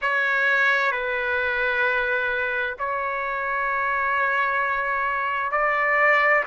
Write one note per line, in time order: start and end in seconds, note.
0.01 0.91 C#5
0.91 2.76 B4
2.78 5.51 C#5
5.51 6.44 D5